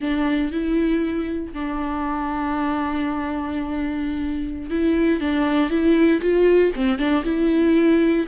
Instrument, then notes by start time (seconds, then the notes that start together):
viola
0.00 D4
0.51 E4
1.53 D4
4.70 E4
5.20 D4
5.69 E4
6.21 F4
6.75 C4
6.98 D4
7.24 E4